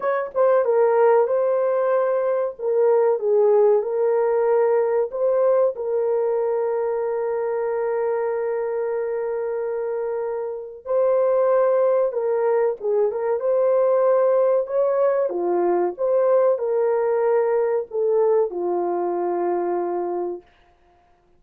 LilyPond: \new Staff \with { instrumentName = "horn" } { \time 4/4 \tempo 4 = 94 cis''8 c''8 ais'4 c''2 | ais'4 gis'4 ais'2 | c''4 ais'2.~ | ais'1~ |
ais'4 c''2 ais'4 | gis'8 ais'8 c''2 cis''4 | f'4 c''4 ais'2 | a'4 f'2. | }